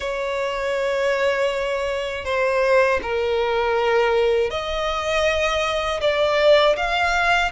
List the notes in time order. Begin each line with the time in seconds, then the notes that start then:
0.00 C#5
2.25 C5
3.02 A#4
4.50 D#5
6.00 D5
6.76 F5